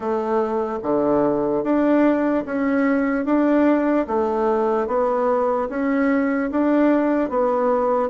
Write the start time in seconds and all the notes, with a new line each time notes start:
0.00 A3
0.82 D3
1.63 D4
2.45 C#4
3.25 D4
4.07 A3
4.87 B3
5.69 C#4
6.51 D4
7.29 B3